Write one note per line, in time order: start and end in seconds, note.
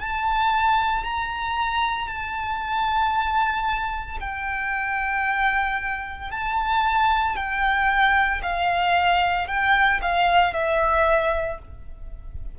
0.00 1.04 A5
1.04 2.08 A#5
2.08 4.18 A5
4.21 6.31 G5
6.31 7.36 A5
7.36 8.42 G5
8.43 9.47 F5
9.47 10.00 G5
10.02 10.53 F5
10.53 11.58 E5